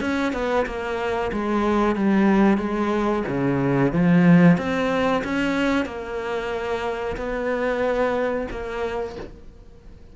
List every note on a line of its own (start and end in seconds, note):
0.00 0.33 C#4
0.33 0.65 B3
0.66 1.31 A#3
1.32 1.95 G#3
1.95 2.58 G3
2.58 3.23 G#3
3.28 3.92 C#3
3.92 4.57 F3
4.57 5.22 C4
5.24 5.85 C#4
5.85 7.16 A#3
7.17 8.47 B3
8.50 9.16 A#3